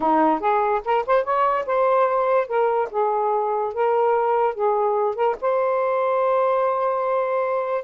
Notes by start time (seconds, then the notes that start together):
0.00 D#4
0.39 G#4
0.84 A#4
1.06 C5
1.24 C#5
1.66 C5
2.47 A#4
2.90 G#4
3.73 A#4
4.54 G#4
5.15 A#4
5.41 C5